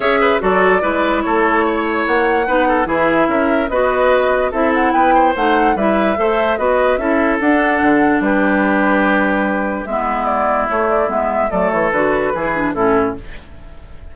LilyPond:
<<
  \new Staff \with { instrumentName = "flute" } { \time 4/4 \tempo 4 = 146 e''4 d''2 cis''4~ | cis''4 fis''2 e''4~ | e''4 dis''2 e''8 fis''8 | g''4 fis''4 e''2 |
dis''4 e''4 fis''2 | b'1 | e''4 d''4 cis''8 d''8 e''4 | d''8 cis''8 b'2 a'4 | }
  \new Staff \with { instrumentName = "oboe" } { \time 4/4 cis''8 b'8 a'4 b'4 a'4 | cis''2 b'8 a'8 gis'4 | ais'4 b'2 a'4 | b'8 c''4. b'4 c''4 |
b'4 a'2. | g'1 | e'1 | a'2 gis'4 e'4 | }
  \new Staff \with { instrumentName = "clarinet" } { \time 4/4 gis'4 fis'4 e'2~ | e'2 dis'4 e'4~ | e'4 fis'2 e'4~ | e'4 dis'4 e'4 a'4 |
fis'4 e'4 d'2~ | d'1 | b2 a4 b4 | a4 fis'4 e'8 d'8 cis'4 | }
  \new Staff \with { instrumentName = "bassoon" } { \time 4/4 cis'4 fis4 gis4 a4~ | a4 ais4 b4 e4 | cis'4 b2 c'4 | b4 a4 g4 a4 |
b4 cis'4 d'4 d4 | g1 | gis2 a4 gis4 | fis8 e8 d4 e4 a,4 | }
>>